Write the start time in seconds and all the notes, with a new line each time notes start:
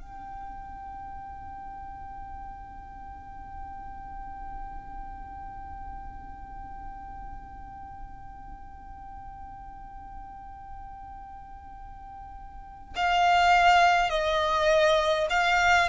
0.00 G5
12.95 F5
14.09 D#5
15.29 F5